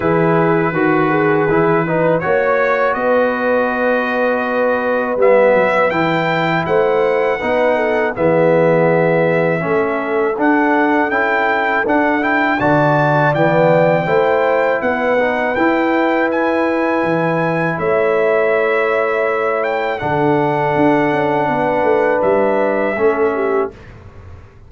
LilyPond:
<<
  \new Staff \with { instrumentName = "trumpet" } { \time 4/4 \tempo 4 = 81 b'2. cis''4 | dis''2. e''4 | g''4 fis''2 e''4~ | e''2 fis''4 g''4 |
fis''8 g''8 a''4 g''2 | fis''4 g''4 gis''2 | e''2~ e''8 g''8 fis''4~ | fis''2 e''2 | }
  \new Staff \with { instrumentName = "horn" } { \time 4/4 gis'4 fis'8 gis'4 b'8 cis''4 | b'1~ | b'4 c''4 b'8 a'8 gis'4~ | gis'4 a'2.~ |
a'4 d''2 c''4 | b'1 | cis''2. a'4~ | a'4 b'2 a'8 g'8 | }
  \new Staff \with { instrumentName = "trombone" } { \time 4/4 e'4 fis'4 e'8 dis'8 fis'4~ | fis'2. b4 | e'2 dis'4 b4~ | b4 cis'4 d'4 e'4 |
d'8 e'8 fis'4 b4 e'4~ | e'8 dis'8 e'2.~ | e'2. d'4~ | d'2. cis'4 | }
  \new Staff \with { instrumentName = "tuba" } { \time 4/4 e4 dis4 e4 ais4 | b2. g8 fis8 | e4 a4 b4 e4~ | e4 a4 d'4 cis'4 |
d'4 d4 e4 a4 | b4 e'2 e4 | a2. d4 | d'8 cis'8 b8 a8 g4 a4 | }
>>